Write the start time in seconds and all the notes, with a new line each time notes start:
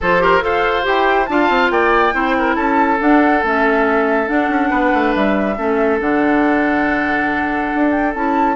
0.00 F3 F4 A4 C5
0.19 G4 A#4
0.41 F4 A4 C5 F5
0.83 E4 G4 G5
1.25 D4 F4 F5 A5
1.49 C4
1.70 A#3 D5 G5
2.12 C4 E4 C5
2.38 A#4
2.55 C#4 A4 A5
2.99 D4 F#5
3.43 A3 C#4 E5
4.27 D4 F#5
4.48 C#4
4.69 B3 B4
4.93 A3
5.14 G3 E5
5.57 A3 C#4 A4
5.99 D3 D4 F#5
7.74 D4
7.90 G5
8.14 C#4 E4 A5